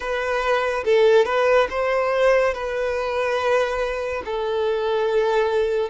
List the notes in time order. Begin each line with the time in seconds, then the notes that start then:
0.00 B4
0.85 A4
1.25 B4
1.69 C5
2.54 B4
4.25 A4